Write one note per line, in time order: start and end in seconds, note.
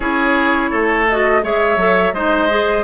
0.00 0.72 C#4
0.00 1.08 E4
0.00 0.70 G#4
0.00 1.07 C#5
0.70 1.43 A3
0.70 1.41 A4
1.08 1.42 F#4
1.08 1.44 D#5
1.42 1.76 G#3
1.42 1.78 G#4
1.42 2.14 C#5
1.42 2.13 E5
1.76 2.12 F#3
1.76 2.14 A4
2.12 2.83 G#3
2.12 2.49 D#4
2.12 2.83 C5
2.12 2.83 D#5
2.49 2.83 G#4